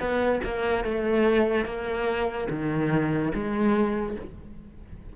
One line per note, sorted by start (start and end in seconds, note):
0.00 0.41 B3
0.44 0.85 A#3
0.85 1.66 A3
1.66 2.48 A#3
2.50 3.33 D#3
3.34 4.17 G#3